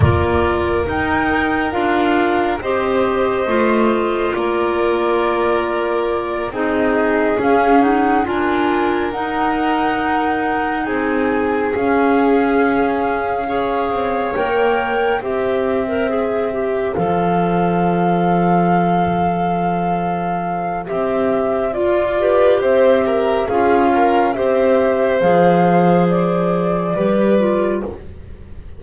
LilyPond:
<<
  \new Staff \with { instrumentName = "flute" } { \time 4/4 \tempo 4 = 69 d''4 g''4 f''4 dis''4~ | dis''4 d''2~ d''8 dis''8~ | dis''8 f''8 fis''8 gis''4 fis''4.~ | fis''8 gis''4 f''2~ f''8~ |
f''8 g''4 e''2 f''8~ | f''1 | e''4 d''4 e''4 f''4 | e''4 f''4 d''2 | }
  \new Staff \with { instrumentName = "violin" } { \time 4/4 ais'2. c''4~ | c''4 ais'2~ ais'8 gis'8~ | gis'4. ais'2~ ais'8~ | ais'8 gis'2. cis''8~ |
cis''4. c''2~ c''8~ | c''1~ | c''4. b'8 c''8 ais'8 gis'8 ais'8 | c''2. b'4 | }
  \new Staff \with { instrumentName = "clarinet" } { \time 4/4 f'4 dis'4 f'4 g'4 | f'2.~ f'8 dis'8~ | dis'8 cis'8 dis'8 f'4 dis'4.~ | dis'4. cis'2 gis'8~ |
gis'8 ais'4 g'8. ais'16 gis'8 g'8 a'8~ | a'1 | g'4 f'8 g'4. f'4 | g'4 gis'2 g'8 f'8 | }
  \new Staff \with { instrumentName = "double bass" } { \time 4/4 ais4 dis'4 d'4 c'4 | a4 ais2~ ais8 c'8~ | c'8 cis'4 d'4 dis'4.~ | dis'8 c'4 cis'2~ cis'8 |
c'8 ais4 c'2 f8~ | f1 | c'4 f'4 c'4 cis'4 | c'4 f2 g4 | }
>>